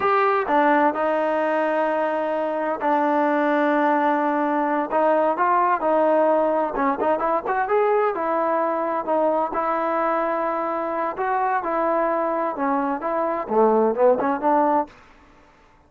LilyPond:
\new Staff \with { instrumentName = "trombone" } { \time 4/4 \tempo 4 = 129 g'4 d'4 dis'2~ | dis'2 d'2~ | d'2~ d'8 dis'4 f'8~ | f'8 dis'2 cis'8 dis'8 e'8 |
fis'8 gis'4 e'2 dis'8~ | dis'8 e'2.~ e'8 | fis'4 e'2 cis'4 | e'4 a4 b8 cis'8 d'4 | }